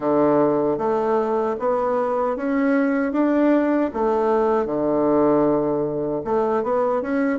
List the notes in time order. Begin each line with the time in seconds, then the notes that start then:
0.00 D3
0.78 A3
1.59 B3
2.36 C#4
3.12 D4
3.93 A3
4.66 D3
6.24 A3
6.63 B3
7.02 C#4